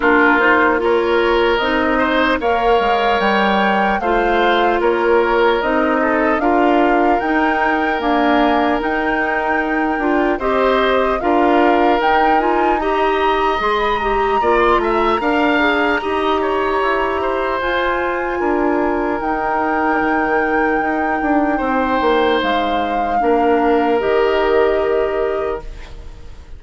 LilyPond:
<<
  \new Staff \with { instrumentName = "flute" } { \time 4/4 \tempo 4 = 75 ais'8 c''8 cis''4 dis''4 f''4 | g''4 f''4 cis''4 dis''4 | f''4 g''4 gis''4 g''4~ | g''4 dis''4 f''4 g''8 gis''8 |
ais''4 c'''16 b''16 ais''8. c'''16 ais''4.~ | ais''2 gis''2 | g''1 | f''2 dis''2 | }
  \new Staff \with { instrumentName = "oboe" } { \time 4/4 f'4 ais'4. c''8 cis''4~ | cis''4 c''4 ais'4. a'8 | ais'1~ | ais'4 c''4 ais'2 |
dis''2 d''8 e''8 f''4 | dis''8 cis''4 c''4. ais'4~ | ais'2. c''4~ | c''4 ais'2. | }
  \new Staff \with { instrumentName = "clarinet" } { \time 4/4 d'8 dis'8 f'4 dis'4 ais'4~ | ais'4 f'2 dis'4 | f'4 dis'4 ais4 dis'4~ | dis'8 f'8 g'4 f'4 dis'8 f'8 |
g'4 gis'8 g'8 f'4 ais'8 gis'8 | g'2 f'2 | dis'1~ | dis'4 d'4 g'2 | }
  \new Staff \with { instrumentName = "bassoon" } { \time 4/4 ais2 c'4 ais8 gis8 | g4 a4 ais4 c'4 | d'4 dis'4 d'4 dis'4~ | dis'8 d'8 c'4 d'4 dis'4~ |
dis'4 gis4 ais8 a8 d'4 | dis'4 e'4 f'4 d'4 | dis'4 dis4 dis'8 d'8 c'8 ais8 | gis4 ais4 dis2 | }
>>